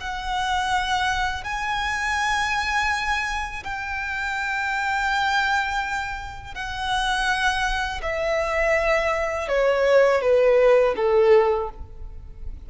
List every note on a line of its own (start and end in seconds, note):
0.00 1.44 F#5
1.44 3.63 G#5
3.64 6.55 G5
6.55 8.01 F#5
8.02 9.48 E5
9.48 10.21 C#5
10.21 10.94 B4
10.96 11.69 A4